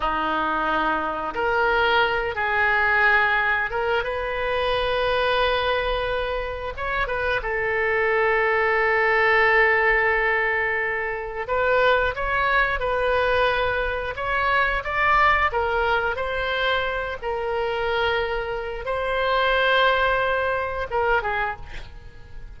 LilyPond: \new Staff \with { instrumentName = "oboe" } { \time 4/4 \tempo 4 = 89 dis'2 ais'4. gis'8~ | gis'4. ais'8 b'2~ | b'2 cis''8 b'8 a'4~ | a'1~ |
a'4 b'4 cis''4 b'4~ | b'4 cis''4 d''4 ais'4 | c''4. ais'2~ ais'8 | c''2. ais'8 gis'8 | }